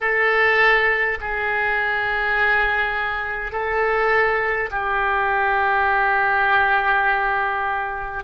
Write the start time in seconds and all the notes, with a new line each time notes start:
0.00 A4
1.20 G#4
3.51 A4
4.71 G4